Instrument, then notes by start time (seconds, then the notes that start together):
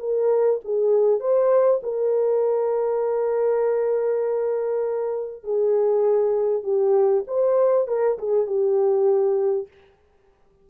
horn
0.00 A#4
0.65 G#4
1.21 C5
1.83 A#4
5.44 G#4
6.64 G4
7.28 C5
7.88 A#4
8.19 G#4
8.47 G4